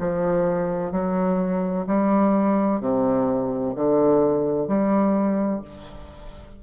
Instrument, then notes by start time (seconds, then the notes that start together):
bassoon
0.00 F3
0.92 F#3
1.87 G3
2.81 C3
3.75 D3
4.68 G3